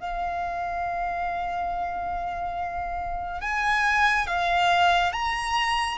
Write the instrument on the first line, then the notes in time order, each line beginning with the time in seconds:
violin
0.00 F5
3.41 G#5
4.27 F5
5.12 A#5